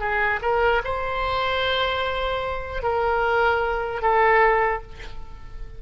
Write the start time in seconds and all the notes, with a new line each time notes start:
0.00 G#4
0.42 A#4
0.84 C5
2.83 A#4
4.02 A4